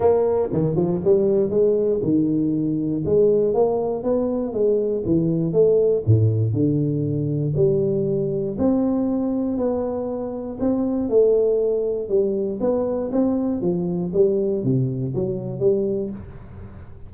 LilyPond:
\new Staff \with { instrumentName = "tuba" } { \time 4/4 \tempo 4 = 119 ais4 dis8 f8 g4 gis4 | dis2 gis4 ais4 | b4 gis4 e4 a4 | a,4 d2 g4~ |
g4 c'2 b4~ | b4 c'4 a2 | g4 b4 c'4 f4 | g4 c4 fis4 g4 | }